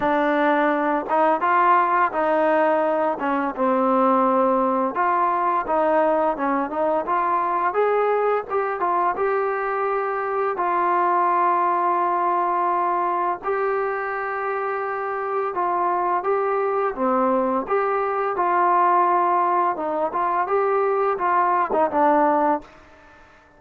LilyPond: \new Staff \with { instrumentName = "trombone" } { \time 4/4 \tempo 4 = 85 d'4. dis'8 f'4 dis'4~ | dis'8 cis'8 c'2 f'4 | dis'4 cis'8 dis'8 f'4 gis'4 | g'8 f'8 g'2 f'4~ |
f'2. g'4~ | g'2 f'4 g'4 | c'4 g'4 f'2 | dis'8 f'8 g'4 f'8. dis'16 d'4 | }